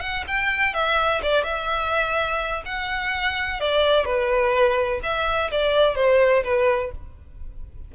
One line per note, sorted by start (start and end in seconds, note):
0.00 0.24 F#5
0.27 0.74 G5
0.74 1.21 E5
1.22 1.44 D5
1.44 2.63 E5
2.65 3.60 F#5
3.60 4.05 D5
4.05 5.00 B4
5.03 5.50 E5
5.51 5.95 D5
5.95 6.43 C5
6.44 6.91 B4